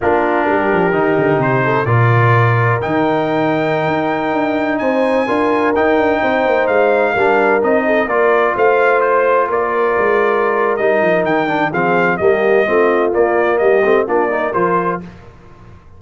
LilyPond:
<<
  \new Staff \with { instrumentName = "trumpet" } { \time 4/4 \tempo 4 = 128 ais'2. c''4 | d''2 g''2~ | g''2~ g''16 gis''4.~ gis''16~ | gis''16 g''2 f''4.~ f''16~ |
f''16 dis''4 d''4 f''4 c''8.~ | c''16 d''2~ d''8. dis''4 | g''4 f''4 dis''2 | d''4 dis''4 d''4 c''4 | }
  \new Staff \with { instrumentName = "horn" } { \time 4/4 f'4 g'2~ g'8 a'8 | ais'1~ | ais'2~ ais'16 c''4 ais'8.~ | ais'4~ ais'16 c''2 ais'8.~ |
ais'8. a'8 ais'4 c''4.~ c''16~ | c''16 ais'2.~ ais'8.~ | ais'4 gis'4 g'4 f'4~ | f'4 g'4 f'8 ais'4. | }
  \new Staff \with { instrumentName = "trombone" } { \time 4/4 d'2 dis'2 | f'2 dis'2~ | dis'2.~ dis'16 f'8.~ | f'16 dis'2. d'8.~ |
d'16 dis'4 f'2~ f'8.~ | f'2. dis'4~ | dis'8 d'8 c'4 ais4 c'4 | ais4. c'8 d'8 dis'8 f'4 | }
  \new Staff \with { instrumentName = "tuba" } { \time 4/4 ais4 g8 f8 dis8 d8 c4 | ais,2 dis2~ | dis16 dis'4 d'4 c'4 d'8.~ | d'16 dis'8 d'8 c'8 ais8 gis4 g8.~ |
g16 c'4 ais4 a4.~ a16~ | a16 ais4 gis4.~ gis16 g8 f8 | dis4 f4 g4 a4 | ais4 g8 a8 ais4 f4 | }
>>